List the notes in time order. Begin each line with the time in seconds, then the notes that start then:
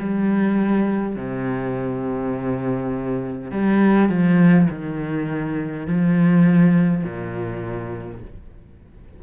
0.00 G3
1.17 C3
3.52 G3
4.10 F3
4.70 D#3
5.87 F3
7.04 A#2